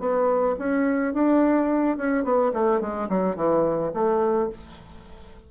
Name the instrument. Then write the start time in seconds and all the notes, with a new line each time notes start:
bassoon
0.00 B3
0.59 C#4
1.14 D4
1.98 C#4
2.25 B3
2.54 A3
2.81 G#3
3.10 F#3
3.36 E3
3.94 A3